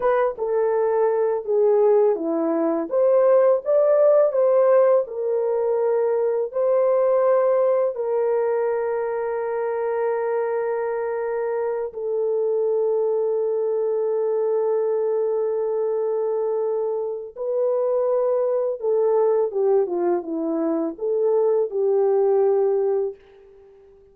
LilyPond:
\new Staff \with { instrumentName = "horn" } { \time 4/4 \tempo 4 = 83 b'8 a'4. gis'4 e'4 | c''4 d''4 c''4 ais'4~ | ais'4 c''2 ais'4~ | ais'1~ |
ais'8 a'2.~ a'8~ | a'1 | b'2 a'4 g'8 f'8 | e'4 a'4 g'2 | }